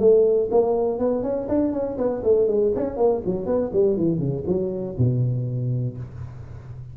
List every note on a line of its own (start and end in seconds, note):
0.00 0.50 A3
0.51 0.99 A#3
0.99 1.23 B3
1.23 1.48 C#4
1.49 1.73 D4
1.73 1.98 C#4
1.98 2.23 B3
2.24 2.48 A3
2.48 2.73 G#3
2.76 2.97 C#4
2.97 3.22 A#3
3.26 3.46 F#3
3.46 3.71 B3
3.73 3.97 G3
3.97 4.19 E3
4.19 4.44 C#3
4.47 4.97 F#3
4.98 5.97 B2